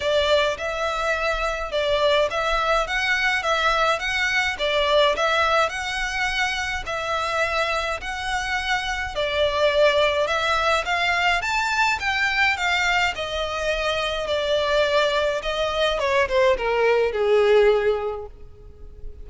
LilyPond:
\new Staff \with { instrumentName = "violin" } { \time 4/4 \tempo 4 = 105 d''4 e''2 d''4 | e''4 fis''4 e''4 fis''4 | d''4 e''4 fis''2 | e''2 fis''2 |
d''2 e''4 f''4 | a''4 g''4 f''4 dis''4~ | dis''4 d''2 dis''4 | cis''8 c''8 ais'4 gis'2 | }